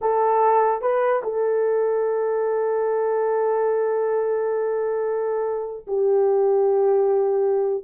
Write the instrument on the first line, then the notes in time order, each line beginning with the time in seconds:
horn
0.01 A4
0.81 B4
1.23 A4
5.87 G4